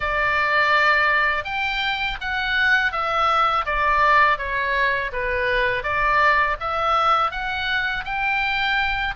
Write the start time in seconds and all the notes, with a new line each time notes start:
0.00 D5
1.44 G5
2.20 F#5
2.91 E5
3.65 D5
4.38 C#5
5.12 B4
5.83 D5
6.60 E5
7.31 F#5
8.05 G5